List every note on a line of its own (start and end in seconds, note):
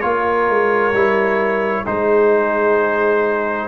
0.00 0.49 A#3
0.00 0.93 F4
0.00 1.86 A#4
0.00 1.85 C#5
0.49 0.92 G#3
0.92 1.85 G3
0.92 1.85 E4
1.85 3.68 G#3
1.85 3.68 D#4
1.85 3.68 G#4
1.85 3.68 C5